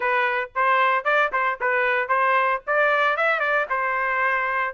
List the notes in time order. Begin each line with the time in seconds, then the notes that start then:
0.00 B4
0.55 C5
1.04 D5
1.32 C5
1.60 B4
2.08 C5
2.67 D5
3.17 E5
3.39 D5
3.69 C5